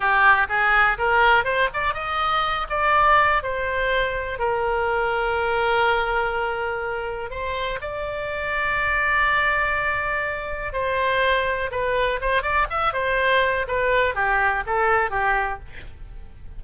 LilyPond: \new Staff \with { instrumentName = "oboe" } { \time 4/4 \tempo 4 = 123 g'4 gis'4 ais'4 c''8 d''8 | dis''4. d''4. c''4~ | c''4 ais'2.~ | ais'2. c''4 |
d''1~ | d''2 c''2 | b'4 c''8 d''8 e''8 c''4. | b'4 g'4 a'4 g'4 | }